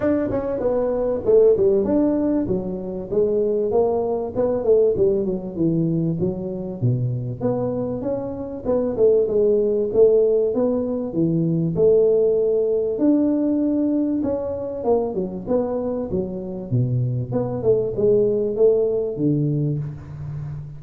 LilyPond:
\new Staff \with { instrumentName = "tuba" } { \time 4/4 \tempo 4 = 97 d'8 cis'8 b4 a8 g8 d'4 | fis4 gis4 ais4 b8 a8 | g8 fis8 e4 fis4 b,4 | b4 cis'4 b8 a8 gis4 |
a4 b4 e4 a4~ | a4 d'2 cis'4 | ais8 fis8 b4 fis4 b,4 | b8 a8 gis4 a4 d4 | }